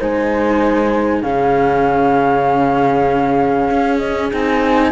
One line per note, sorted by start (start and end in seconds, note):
0.00 1.22 G#3
0.00 1.24 D#4
0.00 1.23 C5
0.00 1.22 G#5
1.22 3.70 C#3
1.22 4.32 C#4
1.22 4.92 G#4
1.22 3.98 F5
3.71 4.33 C#4
3.98 4.29 D#5
4.32 4.92 C4
4.32 4.92 D#4
4.32 4.92 G#5